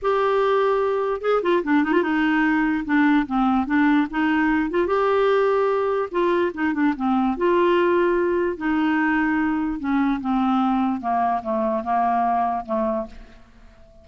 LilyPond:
\new Staff \with { instrumentName = "clarinet" } { \time 4/4 \tempo 4 = 147 g'2. gis'8 f'8 | d'8 dis'16 f'16 dis'2 d'4 | c'4 d'4 dis'4. f'8 | g'2. f'4 |
dis'8 d'8 c'4 f'2~ | f'4 dis'2. | cis'4 c'2 ais4 | a4 ais2 a4 | }